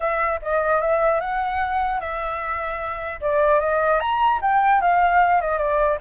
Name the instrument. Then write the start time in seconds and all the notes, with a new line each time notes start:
flute
0.00 E5
0.42 D#5
0.80 E5
1.20 F#5
2.00 E5
3.20 D5
3.60 D#5
4.00 A#5
4.41 G5
4.81 F5
5.41 D#5
5.58 D5